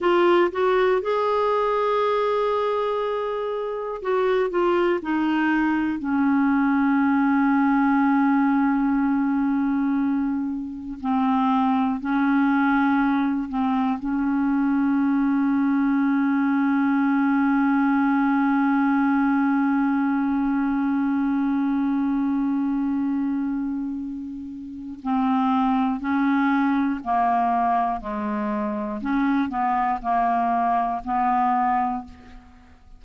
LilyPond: \new Staff \with { instrumentName = "clarinet" } { \time 4/4 \tempo 4 = 60 f'8 fis'8 gis'2. | fis'8 f'8 dis'4 cis'2~ | cis'2. c'4 | cis'4. c'8 cis'2~ |
cis'1~ | cis'1~ | cis'4 c'4 cis'4 ais4 | gis4 cis'8 b8 ais4 b4 | }